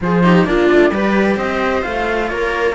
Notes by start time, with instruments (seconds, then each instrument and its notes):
0.00 cello F3 F4, viola G#4, flute C5
0.23 cello D#4, viola G4
0.44 cello A#3 D4, viola F4, flute D5
0.72 cello A3
0.90 cello G3 G4, viola B4
1.36 cello C4, viola C5, flute D#5
1.82 cello A3 F4, flute F5
2.28 cello A#3, viola A#4, flute C#5